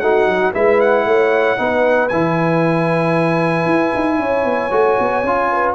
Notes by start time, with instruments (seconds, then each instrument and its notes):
0.00 tuba A3, trombone D#4, horn F#4, trumpet F#5
0.27 tuba F#3
0.54 tuba G#3, trombone E4, horn B4, trumpet E5
0.81 trumpet F#5
1.06 tuba A3, horn C#5
1.57 tuba B3, trombone D#4, horn B4
2.09 tuba E3, trombone E4, trumpet G#5
3.66 tuba E4
3.95 tuba D#4
4.18 tuba C#4, horn C#5
4.45 tuba B3
4.71 tuba A3, trombone F#4
4.99 tuba B3
5.24 tuba C#4, trombone F4
5.51 horn B4